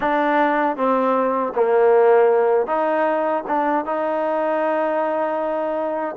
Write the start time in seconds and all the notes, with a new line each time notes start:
0.00 D4
0.76 C4
1.54 A#3
2.66 D#4
3.47 D4
3.85 D#4